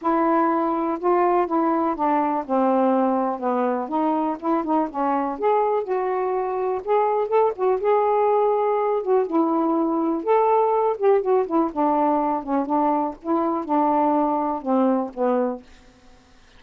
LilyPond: \new Staff \with { instrumentName = "saxophone" } { \time 4/4 \tempo 4 = 123 e'2 f'4 e'4 | d'4 c'2 b4 | dis'4 e'8 dis'8 cis'4 gis'4 | fis'2 gis'4 a'8 fis'8 |
gis'2~ gis'8 fis'8 e'4~ | e'4 a'4. g'8 fis'8 e'8 | d'4. cis'8 d'4 e'4 | d'2 c'4 b4 | }